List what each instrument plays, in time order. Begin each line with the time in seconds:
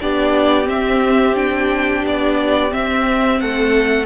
0.00 cello B3, viola D4, violin G4 D5
0.64 viola C4, cello C4, violin E5
1.35 viola D4, violin G5
2.04 cello B3, violin D5
2.70 viola C4, cello C4, violin E5
3.40 cello A3, violin A4 F#5